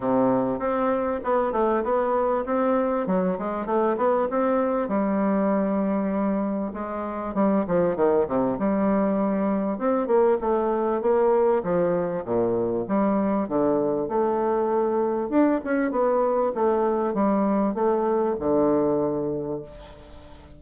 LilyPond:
\new Staff \with { instrumentName = "bassoon" } { \time 4/4 \tempo 4 = 98 c4 c'4 b8 a8 b4 | c'4 fis8 gis8 a8 b8 c'4 | g2. gis4 | g8 f8 dis8 c8 g2 |
c'8 ais8 a4 ais4 f4 | ais,4 g4 d4 a4~ | a4 d'8 cis'8 b4 a4 | g4 a4 d2 | }